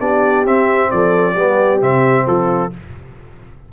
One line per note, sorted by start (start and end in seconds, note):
0.00 0.46 B3
0.00 0.46 D4
0.00 0.90 G4
0.00 0.46 D5
0.46 0.91 C4
0.46 1.36 C4
0.46 0.91 E5
0.91 1.37 F3
0.91 1.34 A4
0.91 1.81 D5
1.34 1.82 G3
1.34 1.81 B3
1.34 2.24 G4
1.81 2.27 C3
1.81 2.71 C4
1.81 2.28 E5
2.27 2.72 F3
2.27 2.72 F4
2.27 2.73 A4